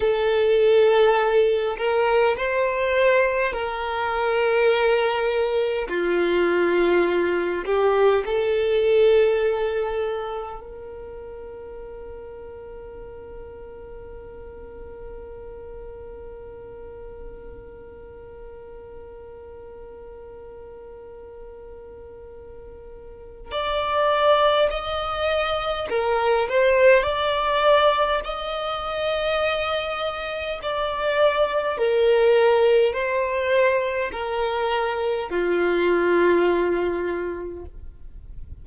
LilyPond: \new Staff \with { instrumentName = "violin" } { \time 4/4 \tempo 4 = 51 a'4. ais'8 c''4 ais'4~ | ais'4 f'4. g'8 a'4~ | a'4 ais'2.~ | ais'1~ |
ais'1 | d''4 dis''4 ais'8 c''8 d''4 | dis''2 d''4 ais'4 | c''4 ais'4 f'2 | }